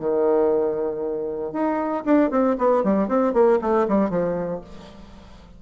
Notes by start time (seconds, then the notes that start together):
0.00 D#3
1.53 D#4
2.06 D4
2.31 C4
2.59 B3
2.84 G3
3.09 C4
3.34 A#3
3.62 A3
3.89 G3
4.10 F3